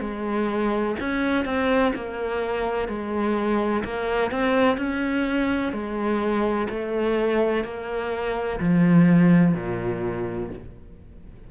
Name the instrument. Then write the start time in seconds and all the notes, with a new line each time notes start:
cello
0.00 G#3
1.00 C#4
1.45 C4
1.95 A#3
2.88 G#3
3.84 A#3
4.31 C4
4.77 C#4
5.73 G#3
6.69 A3
7.64 A#3
8.60 F3
9.54 A#2